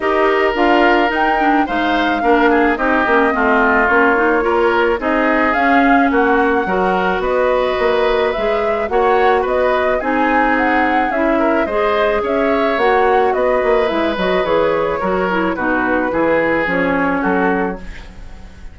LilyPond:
<<
  \new Staff \with { instrumentName = "flute" } { \time 4/4 \tempo 4 = 108 dis''4 f''4 g''4 f''4~ | f''4 dis''2 cis''4~ | cis''4 dis''4 f''4 fis''4~ | fis''4 dis''2 e''4 |
fis''4 dis''4 gis''4 fis''4 | e''4 dis''4 e''4 fis''4 | dis''4 e''8 dis''8 cis''2 | b'2 cis''4 a'4 | }
  \new Staff \with { instrumentName = "oboe" } { \time 4/4 ais'2. c''4 | ais'8 gis'8 g'4 f'2 | ais'4 gis'2 fis'4 | ais'4 b'2. |
cis''4 b'4 gis'2~ | gis'8 ais'8 c''4 cis''2 | b'2. ais'4 | fis'4 gis'2 fis'4 | }
  \new Staff \with { instrumentName = "clarinet" } { \time 4/4 g'4 f'4 dis'8 d'8 dis'4 | d'4 dis'8 cis'8 c'4 cis'8 dis'8 | f'4 dis'4 cis'2 | fis'2. gis'4 |
fis'2 dis'2 | e'4 gis'2 fis'4~ | fis'4 e'8 fis'8 gis'4 fis'8 e'8 | dis'4 e'4 cis'2 | }
  \new Staff \with { instrumentName = "bassoon" } { \time 4/4 dis'4 d'4 dis'4 gis4 | ais4 c'8 ais8 a4 ais4~ | ais4 c'4 cis'4 ais4 | fis4 b4 ais4 gis4 |
ais4 b4 c'2 | cis'4 gis4 cis'4 ais4 | b8 ais8 gis8 fis8 e4 fis4 | b,4 e4 f4 fis4 | }
>>